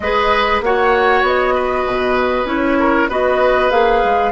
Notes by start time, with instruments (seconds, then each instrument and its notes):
0.00 bassoon G#3, clarinet G#4, oboe B4, flute D#5
0.61 bassoon A#3, clarinet F#4, oboe C#5, flute F#5
1.22 bassoon B3, flute D#5
1.54 oboe B4
1.86 bassoon B2
2.44 bassoon C#4, clarinet E4, flute C#5
2.79 oboe A#4
3.09 bassoon B3, clarinet F#4, oboe B4, flute D#5
3.70 bassoon A#3, clarinet G#4, flute F5
4.04 bassoon G#3